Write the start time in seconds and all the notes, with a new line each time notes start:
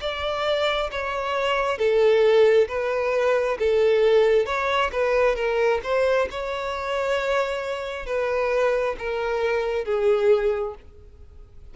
0.00 D5
0.91 C#5
1.77 A4
2.68 B4
3.58 A4
4.45 C#5
4.92 B4
5.35 A#4
5.83 C5
6.30 C#5
8.06 B4
8.98 A#4
9.85 G#4